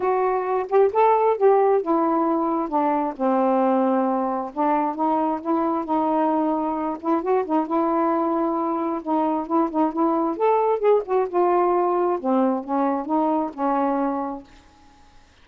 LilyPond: \new Staff \with { instrumentName = "saxophone" } { \time 4/4 \tempo 4 = 133 fis'4. g'8 a'4 g'4 | e'2 d'4 c'4~ | c'2 d'4 dis'4 | e'4 dis'2~ dis'8 e'8 |
fis'8 dis'8 e'2. | dis'4 e'8 dis'8 e'4 a'4 | gis'8 fis'8 f'2 c'4 | cis'4 dis'4 cis'2 | }